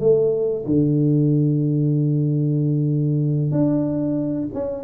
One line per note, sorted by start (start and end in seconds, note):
0.00 0.65 A3
0.65 3.52 D3
3.52 4.48 D4
4.54 4.83 C#4